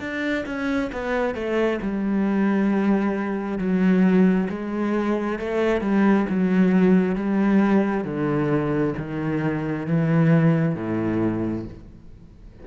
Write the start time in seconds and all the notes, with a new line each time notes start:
0.00 D4
0.46 C#4
0.92 B3
1.35 A3
1.82 G3
3.59 F#3
4.50 G#3
5.39 A3
5.81 G3
6.30 F#3
7.16 G3
8.04 D3
8.98 D#3
9.87 E3
10.76 A2